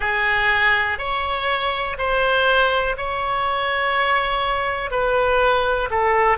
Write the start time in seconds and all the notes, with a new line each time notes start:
0.00 G#4
0.98 C#5
1.98 C5
2.97 C#5
4.90 B4
5.90 A4